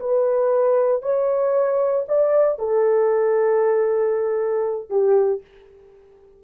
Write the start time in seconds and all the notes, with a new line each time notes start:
0.00 B4
1.03 C#5
2.09 D5
2.59 A4
4.90 G4